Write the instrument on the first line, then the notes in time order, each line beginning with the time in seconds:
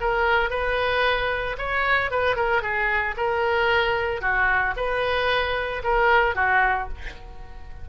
oboe
0.00 A#4
0.50 B4
1.58 C#5
2.10 B4
2.36 A#4
2.62 G#4
3.16 A#4
4.21 F#4
4.76 B4
5.83 A#4
6.35 F#4